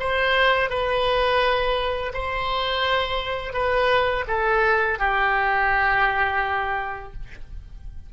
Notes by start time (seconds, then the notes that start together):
0.00 C5
0.70 B4
2.14 C5
3.54 B4
4.28 A4
4.99 G4